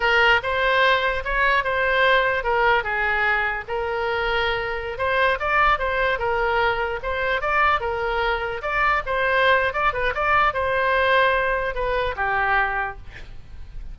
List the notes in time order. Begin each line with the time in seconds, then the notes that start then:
0.00 A#4
0.42 C5
1.24 C#5
1.64 C5
2.43 A#4
2.83 G#4
3.68 A#4
4.98 C5
5.39 D5
5.78 C5
6.18 A#4
7.02 C5
7.41 D5
7.80 A#4
8.61 D5
9.06 C5
9.73 D5
9.93 B4
10.14 D5
10.53 C5
11.74 B4
12.16 G4